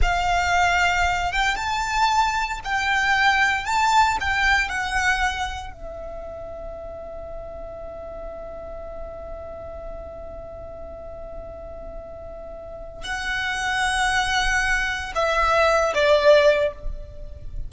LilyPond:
\new Staff \with { instrumentName = "violin" } { \time 4/4 \tempo 4 = 115 f''2~ f''8 g''8 a''4~ | a''4 g''2 a''4 | g''4 fis''2 e''4~ | e''1~ |
e''1~ | e''1~ | e''4 fis''2.~ | fis''4 e''4. d''4. | }